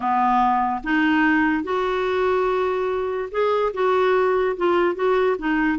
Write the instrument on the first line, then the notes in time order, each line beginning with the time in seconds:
clarinet
0.00 B3
0.83 D#4
1.63 F#4
3.31 G#4
3.73 F#4
4.56 F4
4.95 F#4
5.38 D#4